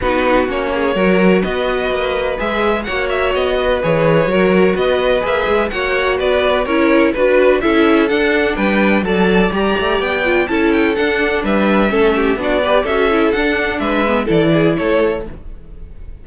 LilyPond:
<<
  \new Staff \with { instrumentName = "violin" } { \time 4/4 \tempo 4 = 126 b'4 cis''2 dis''4~ | dis''4 e''4 fis''8 e''8 dis''4 | cis''2 dis''4 e''4 | fis''4 d''4 cis''4 b'4 |
e''4 fis''4 g''4 a''4 | ais''4 g''4 a''8 g''8 fis''4 | e''2 d''4 e''4 | fis''4 e''4 d''4 cis''4 | }
  \new Staff \with { instrumentName = "violin" } { \time 4/4 fis'4. gis'8 ais'4 b'4~ | b'2 cis''4. b'8~ | b'4 ais'4 b'2 | cis''4 b'4 ais'4 b'4 |
a'2 b'4 d''4~ | d''2 a'2 | b'4 a'8 g'8 fis'8 b'8 a'4~ | a'4 b'4 a'8 gis'8 a'4 | }
  \new Staff \with { instrumentName = "viola" } { \time 4/4 dis'4 cis'4 fis'2~ | fis'4 gis'4 fis'2 | gis'4 fis'2 gis'4 | fis'2 e'4 fis'4 |
e'4 d'2 a'4 | g'4. f'8 e'4 d'4~ | d'4 cis'4 d'8 g'8 fis'8 e'8 | d'4. b8 e'2 | }
  \new Staff \with { instrumentName = "cello" } { \time 4/4 b4 ais4 fis4 b4 | ais4 gis4 ais4 b4 | e4 fis4 b4 ais8 gis8 | ais4 b4 cis'4 d'4 |
cis'4 d'4 g4 fis4 | g8 a8 b4 cis'4 d'4 | g4 a4 b4 cis'4 | d'4 gis4 e4 a4 | }
>>